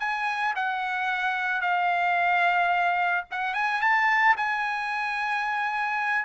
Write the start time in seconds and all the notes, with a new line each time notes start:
0.00 G#5
0.56 F#5
1.62 F5
3.31 F#5
3.55 G#5
3.82 A5
4.37 G#5